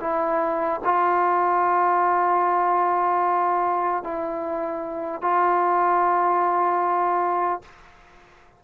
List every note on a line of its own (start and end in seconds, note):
0.00 0.80 E4
0.84 4.03 F4
4.03 5.21 E4
5.21 7.61 F4